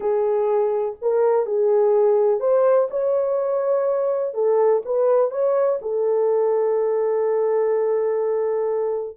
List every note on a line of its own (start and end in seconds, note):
0.00 0.96 G#4
1.01 1.46 A#4
1.46 2.40 G#4
2.40 2.88 C5
2.90 4.34 C#5
4.34 4.82 A4
4.85 5.30 B4
5.30 5.79 C#5
5.81 9.17 A4